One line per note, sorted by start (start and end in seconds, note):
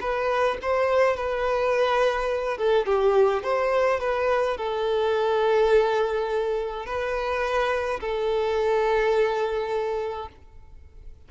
0.00 0.57 B4
0.61 1.16 C5
1.16 2.57 B4
2.57 2.86 A4
2.86 3.43 G4
3.43 3.99 C5
3.99 4.57 B4
4.57 6.85 A4
6.85 8.00 B4
8.00 10.29 A4